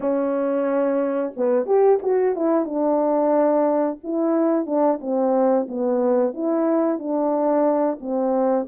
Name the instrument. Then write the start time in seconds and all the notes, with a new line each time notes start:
horn
0.00 C#4
1.36 B3
1.65 G4
2.02 F#4
2.35 E4
2.65 D4
4.03 E4
4.65 D4
5.00 C4
5.68 B3
6.33 E4
6.98 D4
8.00 C4